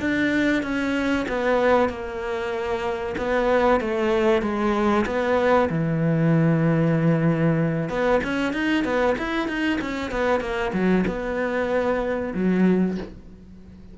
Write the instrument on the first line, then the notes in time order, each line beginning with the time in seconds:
cello
0.00 D4
0.63 C#4
1.29 B3
1.89 A#3
3.18 B3
3.80 A3
4.42 G#3
5.06 B3
5.70 E3
7.89 B3
8.24 C#4
8.53 D#4
8.84 B3
9.18 E4
9.48 D#4
9.82 C#4
10.11 B3
10.41 A#3
10.73 F#3
11.07 B3
12.35 F#3